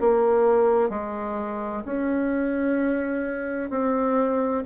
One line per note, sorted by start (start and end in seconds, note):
0.00 0.89 A#3
0.89 1.83 G#3
1.85 3.70 C#4
3.70 4.64 C4